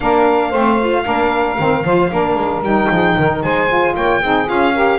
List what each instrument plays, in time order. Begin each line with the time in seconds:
0.00 double bass A#3, saxophone D4 A#4, violin F5
0.49 double bass A3, saxophone C4 C5
0.80 saxophone F4
1.04 double bass A#3, saxophone D4 A#4
1.58 double bass D#3, saxophone C4
1.84 double bass F3, saxophone F4 C5
2.11 double bass A#3, saxophone D4 A#4
2.35 double bass G#3
2.61 double bass G3, saxophone D#4, violin G5
2.90 double bass F3, saxophone G#4
3.16 double bass D#3, saxophone A#4
3.42 double bass G#3, saxophone C5, violin G#5
3.68 saxophone F4
3.94 double bass A#3, saxophone C#5, violin G5
4.21 double bass C4, saxophone D#4 G#4
4.46 double bass C#4, saxophone F4, violin F5
4.73 saxophone G4 A#4